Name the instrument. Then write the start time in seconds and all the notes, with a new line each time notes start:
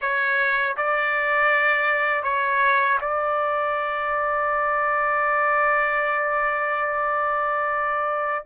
trumpet
0.01 C#5
0.77 D5
2.23 C#5
3.00 D5